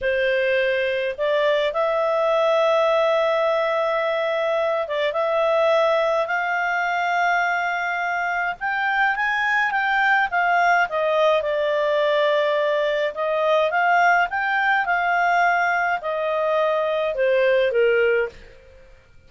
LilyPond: \new Staff \with { instrumentName = "clarinet" } { \time 4/4 \tempo 4 = 105 c''2 d''4 e''4~ | e''1~ | e''8 d''8 e''2 f''4~ | f''2. g''4 |
gis''4 g''4 f''4 dis''4 | d''2. dis''4 | f''4 g''4 f''2 | dis''2 c''4 ais'4 | }